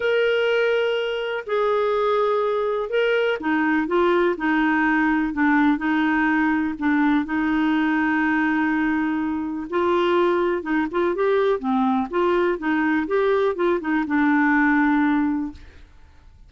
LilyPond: \new Staff \with { instrumentName = "clarinet" } { \time 4/4 \tempo 4 = 124 ais'2. gis'4~ | gis'2 ais'4 dis'4 | f'4 dis'2 d'4 | dis'2 d'4 dis'4~ |
dis'1 | f'2 dis'8 f'8 g'4 | c'4 f'4 dis'4 g'4 | f'8 dis'8 d'2. | }